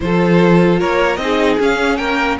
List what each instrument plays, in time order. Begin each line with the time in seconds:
0.00 cello F3, viola F4, violin A4 C5
0.79 cello A#3, violin A#4 C#5
1.16 cello C4, viola D#4, violin D#5
1.23 violin G#4
1.59 viola C#4, cello C#4, violin F5
1.97 cello A#3, violin A#4 G5